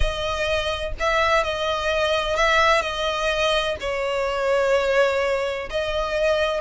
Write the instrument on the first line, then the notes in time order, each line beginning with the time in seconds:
violin
0.00 D#5
0.99 E5
1.43 D#5
2.36 E5
2.81 D#5
3.80 C#5
5.70 D#5